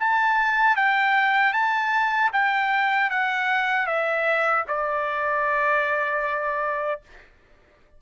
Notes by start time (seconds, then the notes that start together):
0.00 A5
0.76 G5
1.53 A5
2.33 G5
3.11 F#5
3.87 E5
4.68 D5